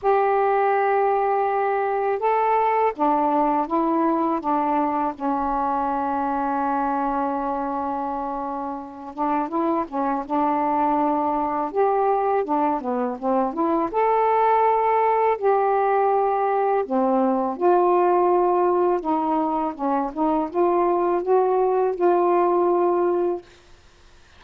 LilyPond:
\new Staff \with { instrumentName = "saxophone" } { \time 4/4 \tempo 4 = 82 g'2. a'4 | d'4 e'4 d'4 cis'4~ | cis'1~ | cis'8 d'8 e'8 cis'8 d'2 |
g'4 d'8 b8 c'8 e'8 a'4~ | a'4 g'2 c'4 | f'2 dis'4 cis'8 dis'8 | f'4 fis'4 f'2 | }